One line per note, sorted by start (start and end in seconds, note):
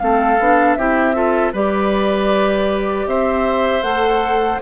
0.00 0.39 A3
0.00 0.38 C4
0.00 0.79 A4
0.00 0.75 F5
0.39 0.77 B3
0.39 0.79 D4
0.75 1.53 C4
0.75 1.15 E4
0.75 1.16 G4
0.75 1.52 E5
1.15 1.53 F4
1.15 1.53 A4
1.53 3.07 G3
1.53 3.83 G4
1.53 3.07 B4
1.53 3.08 D5
3.07 3.83 C4
3.07 4.62 C5
3.07 3.83 E5
3.83 4.60 A3
3.83 4.60 A4
3.83 4.60 F#5